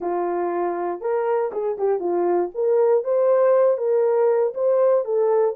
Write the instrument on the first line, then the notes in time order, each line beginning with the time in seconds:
horn
0.00 F4
1.00 A#4
1.52 G#4
1.78 G4
1.99 F4
2.54 A#4
3.04 C5
3.77 A#4
4.54 C5
5.04 A4